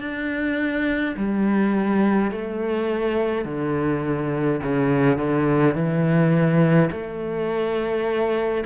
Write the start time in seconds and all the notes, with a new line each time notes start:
0.00 D4
1.17 G3
2.32 A3
3.46 D3
4.63 C#3
5.18 D3
5.75 E3
6.91 A3